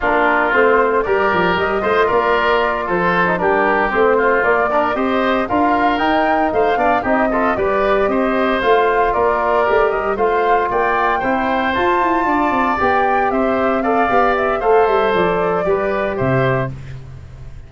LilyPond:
<<
  \new Staff \with { instrumentName = "flute" } { \time 4/4 \tempo 4 = 115 ais'4 c''4 d''4 dis''4 | d''4. c''4 ais'4 c''8~ | c''8 d''4 dis''4 f''4 g''8~ | g''8 f''4 dis''4 d''4 dis''8~ |
dis''8 f''4 d''4. dis''8 f''8~ | f''8 g''2 a''4.~ | a''8 g''4 e''4 f''4 e''8 | f''8 e''8 d''2 e''4 | }
  \new Staff \with { instrumentName = "oboe" } { \time 4/4 f'2 ais'4. c''8 | ais'4. a'4 g'4. | f'4 ais'8 c''4 ais'4.~ | ais'8 c''8 d''8 g'8 a'8 b'4 c''8~ |
c''4. ais'2 c''8~ | c''8 d''4 c''2 d''8~ | d''4. c''4 d''4. | c''2 b'4 c''4 | }
  \new Staff \with { instrumentName = "trombone" } { \time 4/4 d'4 c'4 g'4. f'8~ | f'2~ f'16 dis'16 d'4 c'8~ | c'8 ais8 d'8 g'4 f'4 dis'8~ | dis'4 d'8 dis'8 f'8 g'4.~ |
g'8 f'2 g'4 f'8~ | f'4. e'4 f'4.~ | f'8 g'2 a'8 g'4 | a'2 g'2 | }
  \new Staff \with { instrumentName = "tuba" } { \time 4/4 ais4 a4 g8 f8 g8 a8 | ais4. f4 g4 a8~ | a8 ais4 c'4 d'4 dis'8~ | dis'8 a8 b8 c'4 g4 c'8~ |
c'8 a4 ais4 a8 g8 a8~ | a8 ais4 c'4 f'8 e'8 d'8 | c'8 b4 c'4. b4 | a8 g8 f4 g4 c4 | }
>>